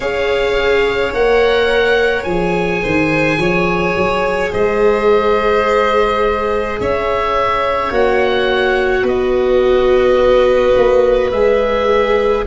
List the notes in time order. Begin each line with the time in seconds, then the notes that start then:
0.00 C#4 G#4 C#5 F5
1.12 A#3 A#4 F#5
2.23 F3 G#4 G#5
2.82 D#3 C5
3.37 F3 C#5
3.96 F#3
4.52 G#3 C5 D#5
6.79 C#4 C#5 E5
7.90 A#3 F#4 F#5
9.02 B3 B4 D#5
10.76 A#3
11.31 G#3 G#4 E5